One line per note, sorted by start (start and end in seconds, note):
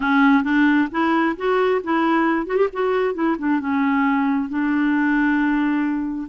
0.00 0.43 C#4
0.43 0.88 D4
0.91 1.36 E4
1.37 1.81 F#4
1.83 2.46 E4
2.46 2.56 F#4
2.56 2.68 G4
2.72 3.14 F#4
3.14 3.36 E4
3.38 3.59 D4
3.59 4.49 C#4
4.49 6.28 D4